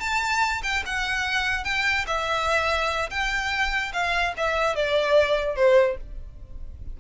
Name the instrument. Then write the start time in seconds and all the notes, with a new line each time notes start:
violin
0.00 A5
0.63 G5
0.86 F#5
1.64 G5
2.07 E5
3.10 G5
3.93 F5
4.37 E5
4.75 D5
5.56 C5